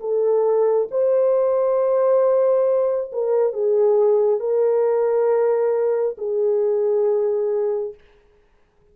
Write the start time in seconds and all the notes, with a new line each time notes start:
0.00 A4
0.91 C5
3.12 A#4
3.53 G#4
4.40 A#4
6.18 G#4